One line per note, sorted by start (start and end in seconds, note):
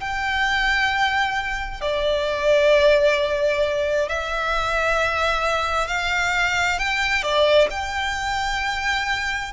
0.00 1.81 G5
1.81 4.09 D5
4.09 5.88 E5
5.88 6.79 F5
6.79 7.23 G5
7.23 7.68 D5
7.71 9.52 G5